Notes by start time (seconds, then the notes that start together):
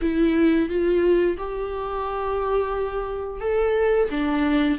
0.01 E4
0.69 F4
1.37 G4
3.40 A4
4.10 D4